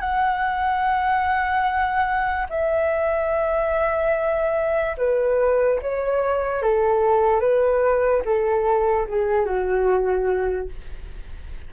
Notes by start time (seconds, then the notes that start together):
0.00 F#5
2.50 E5
4.98 B4
5.82 C#5
6.62 A4
7.40 B4
8.25 A4
9.08 G#4
9.45 F#4